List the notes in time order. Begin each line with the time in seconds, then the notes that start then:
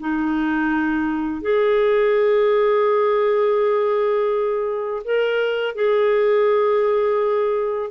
0.00 D#4
1.42 G#4
5.04 A#4
5.75 G#4